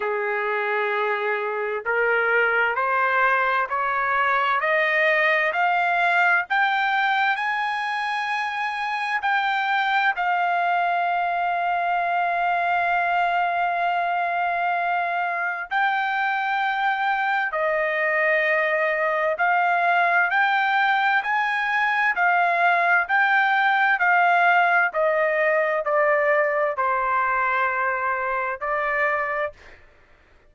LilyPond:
\new Staff \with { instrumentName = "trumpet" } { \time 4/4 \tempo 4 = 65 gis'2 ais'4 c''4 | cis''4 dis''4 f''4 g''4 | gis''2 g''4 f''4~ | f''1~ |
f''4 g''2 dis''4~ | dis''4 f''4 g''4 gis''4 | f''4 g''4 f''4 dis''4 | d''4 c''2 d''4 | }